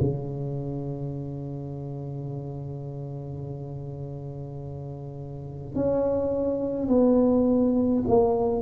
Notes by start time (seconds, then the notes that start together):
0.00 C#3
5.75 C#4
6.88 B3
8.07 A#3